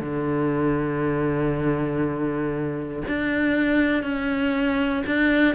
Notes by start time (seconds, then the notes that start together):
0.00 D3
3.08 D4
4.03 C#4
5.06 D4